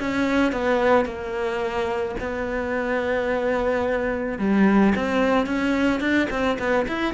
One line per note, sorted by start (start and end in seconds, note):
0.00 0.53 C#4
0.53 1.06 B3
1.06 2.16 A#3
2.20 4.39 B3
4.39 4.94 G3
4.96 5.46 C4
5.46 6.01 C#4
6.01 6.28 D4
6.31 6.58 C4
6.59 6.87 B3
6.88 7.14 E4